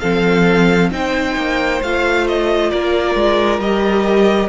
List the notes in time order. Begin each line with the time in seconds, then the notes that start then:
0.00 F3 C4 A4 F5
0.92 C4 D#4 C5 G5
1.36 A#3
1.82 A3 F4 F5
2.28 D#5
2.70 A#3 A#4 D5
3.16 G#3
3.59 G3 G4 D#5